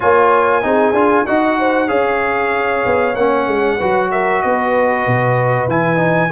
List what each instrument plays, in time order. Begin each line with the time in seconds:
0.00 tuba A#3, trombone F4, horn C#5, trumpet G#5
0.62 tuba C4, trombone D#4, horn G#4
0.92 tuba D4, trombone F4
1.26 tuba D#4, trombone F#4, horn D#5, trumpet F#5
1.59 horn C5
1.87 tuba C#4, trombone G#4, horn C#5, trumpet F5
2.85 tuba B3
3.15 tuba A#3, trombone C#4, trumpet F#5
3.46 tuba G#3
3.77 tuba F#3, trombone F#4, horn B4
4.11 horn A#4, trumpet E5
4.42 tuba B3, horn B4, trumpet D#5
5.06 tuba B2
5.67 tuba E3, trombone E4, trumpet G#5
5.96 trombone D#4